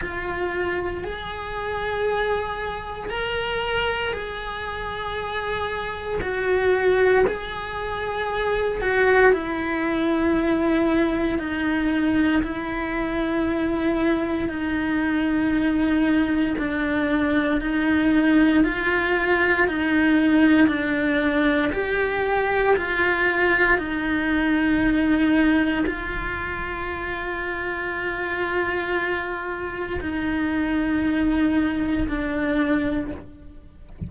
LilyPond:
\new Staff \with { instrumentName = "cello" } { \time 4/4 \tempo 4 = 58 f'4 gis'2 ais'4 | gis'2 fis'4 gis'4~ | gis'8 fis'8 e'2 dis'4 | e'2 dis'2 |
d'4 dis'4 f'4 dis'4 | d'4 g'4 f'4 dis'4~ | dis'4 f'2.~ | f'4 dis'2 d'4 | }